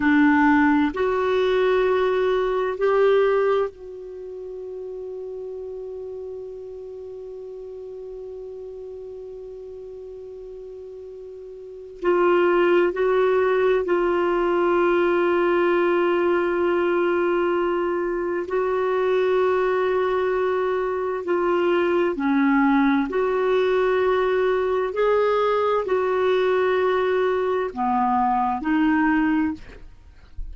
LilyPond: \new Staff \with { instrumentName = "clarinet" } { \time 4/4 \tempo 4 = 65 d'4 fis'2 g'4 | fis'1~ | fis'1~ | fis'4 f'4 fis'4 f'4~ |
f'1 | fis'2. f'4 | cis'4 fis'2 gis'4 | fis'2 b4 dis'4 | }